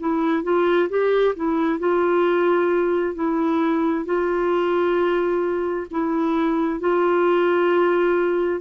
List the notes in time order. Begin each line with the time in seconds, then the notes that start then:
0.00 E4
0.43 F4
0.90 G4
1.36 E4
1.80 F4
3.15 E4
4.05 F4
5.91 E4
6.80 F4